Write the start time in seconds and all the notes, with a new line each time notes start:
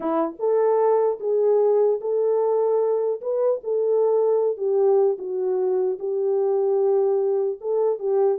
0.00 E4
0.39 A4
1.19 G#4
2.01 A4
3.21 B4
3.63 A4
4.57 G4
5.18 F#4
5.99 G4
7.61 A4
7.99 G4